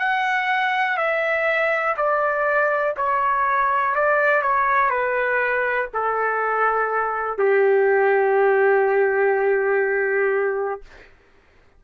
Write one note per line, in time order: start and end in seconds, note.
0.00 0.97 F#5
0.97 1.96 E5
1.97 2.96 D5
2.97 3.96 C#5
3.96 4.43 D5
4.43 4.90 C#5
4.90 5.89 B4
5.94 7.38 A4
7.38 10.82 G4